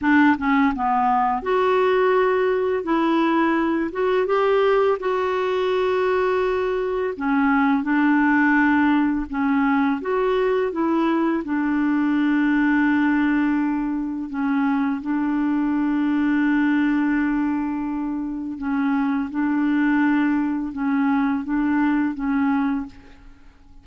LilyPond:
\new Staff \with { instrumentName = "clarinet" } { \time 4/4 \tempo 4 = 84 d'8 cis'8 b4 fis'2 | e'4. fis'8 g'4 fis'4~ | fis'2 cis'4 d'4~ | d'4 cis'4 fis'4 e'4 |
d'1 | cis'4 d'2.~ | d'2 cis'4 d'4~ | d'4 cis'4 d'4 cis'4 | }